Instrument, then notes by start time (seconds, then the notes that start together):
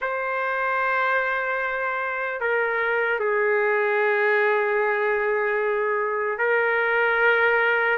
trumpet
0.01 C5
2.40 A#4
3.19 G#4
6.38 A#4